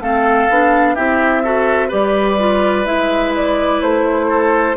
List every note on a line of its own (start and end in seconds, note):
0.00 0.48 A3
0.00 0.50 C4
0.00 0.95 A4
0.00 0.95 F5
0.49 0.97 B3
0.49 0.97 D4
0.95 1.93 C4
0.95 1.44 E4
0.95 1.43 G4
0.95 1.91 E5
1.44 1.89 F#4
1.44 1.88 A4
1.88 2.86 G3
1.88 2.37 G4
1.88 4.26 B4
1.88 2.86 D5
2.39 2.86 F4
2.86 3.81 G#3
2.86 4.76 E4
2.86 3.34 E5
3.35 3.82 D5
3.82 4.77 A3
3.82 4.77 C5
4.29 4.77 A4